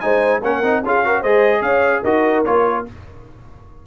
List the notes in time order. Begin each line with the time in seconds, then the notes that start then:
0.00 G#3 D#4 C5 G#5
0.42 A#3 C#4 A#4 F#5
0.62 C4 D#4
0.84 C#4 F4 G#4 F5
1.04 F#4 A#4
1.21 G#3 G#4 C5 D#5
1.61 C#4 C#5 F5
2.03 D#4 F#4 A#4 D#5
2.45 A#3 F4 C#5